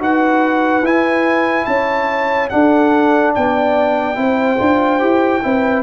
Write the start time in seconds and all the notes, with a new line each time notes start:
0.00 D#4 F#4 B4 F#5
0.83 E4 G#5
1.65 C#4 C#5 A5
2.50 D4 A4 F#5
3.34 B3 D5 G5
4.16 C4 E4 C5
4.59 D4 F4
5.00 E4 G4
5.43 C4 E4 B4